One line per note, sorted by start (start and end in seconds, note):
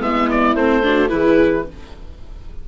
0.00 0.55 G#3
0.00 0.56 B3
0.00 0.84 E4
0.00 0.30 E5
0.31 0.56 D5
0.55 1.11 A3
0.55 0.83 C4
0.55 1.10 C5
0.83 1.09 D4
0.83 1.13 F#4
1.09 1.67 E3
1.09 1.65 E4
1.09 1.68 G#4
1.09 1.65 B4